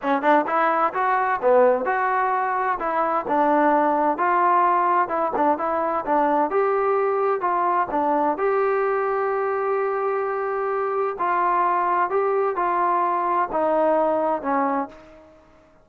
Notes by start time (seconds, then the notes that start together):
0.02 C#4
0.22 D4
0.46 E4
0.93 F#4
1.41 B3
1.85 F#4
2.79 E4
3.28 D4
4.17 F4
5.08 E4
5.36 D4
5.58 E4
6.05 D4
6.50 G4
7.40 F4
7.91 D4
8.37 G4
11.18 F4
12.10 G4
12.55 F4
13.52 D#4
14.41 C#4